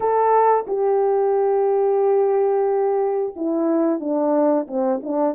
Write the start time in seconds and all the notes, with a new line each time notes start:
0.00 A4
0.67 G4
3.35 E4
4.00 D4
4.67 C4
5.02 D4